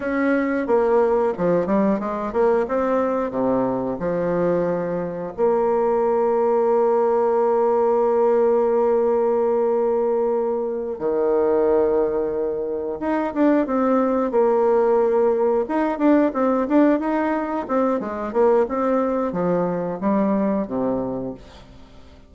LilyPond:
\new Staff \with { instrumentName = "bassoon" } { \time 4/4 \tempo 4 = 90 cis'4 ais4 f8 g8 gis8 ais8 | c'4 c4 f2 | ais1~ | ais1~ |
ais8 dis2. dis'8 | d'8 c'4 ais2 dis'8 | d'8 c'8 d'8 dis'4 c'8 gis8 ais8 | c'4 f4 g4 c4 | }